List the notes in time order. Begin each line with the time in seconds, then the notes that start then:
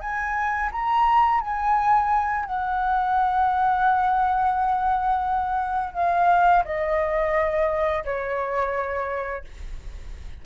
0.00 G#5
0.72 A#5
1.40 G#5
2.45 F#5
5.93 F5
6.64 D#5
8.04 C#5